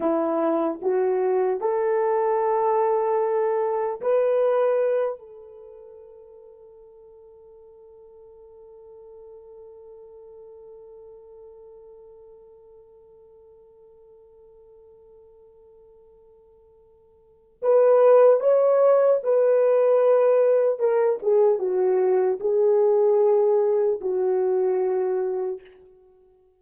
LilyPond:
\new Staff \with { instrumentName = "horn" } { \time 4/4 \tempo 4 = 75 e'4 fis'4 a'2~ | a'4 b'4. a'4.~ | a'1~ | a'1~ |
a'1~ | a'2 b'4 cis''4 | b'2 ais'8 gis'8 fis'4 | gis'2 fis'2 | }